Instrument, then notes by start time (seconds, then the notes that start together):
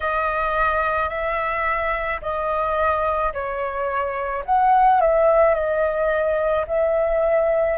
flute
0.00 D#5
1.09 E5
2.21 D#5
3.33 C#5
4.45 F#5
5.01 E5
5.54 D#5
6.67 E5